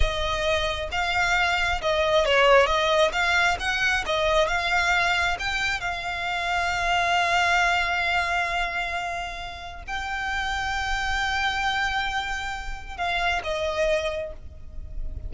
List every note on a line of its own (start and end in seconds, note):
0.00 0.89 D#5
0.91 1.81 F5
1.81 2.25 D#5
2.25 2.66 C#5
2.66 3.11 D#5
3.12 3.57 F5
3.59 4.04 F#5
4.06 4.47 D#5
4.47 5.37 F5
5.39 5.80 G5
5.80 9.83 F5
9.87 12.97 G5
12.97 13.41 F5
13.43 14.33 D#5